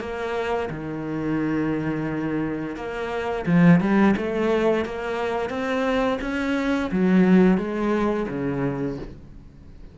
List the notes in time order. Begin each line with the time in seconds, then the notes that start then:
0.00 A#3
0.70 D#3
2.76 A#3
3.46 F3
3.80 G3
4.17 A3
4.85 A#3
5.50 C4
6.21 C#4
6.91 F#3
7.57 G#3
8.29 C#3